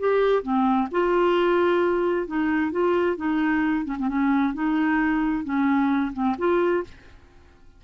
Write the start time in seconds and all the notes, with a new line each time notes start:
0.00 G4
0.43 C4
0.92 F4
2.27 D#4
2.72 F4
3.17 D#4
3.86 C#4
3.99 C4
4.09 C#4
4.54 D#4
5.45 C#4
6.14 C4
6.39 F4